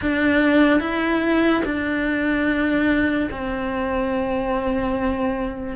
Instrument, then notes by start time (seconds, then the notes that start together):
cello
0.01 D4
0.80 E4
1.64 D4
3.31 C4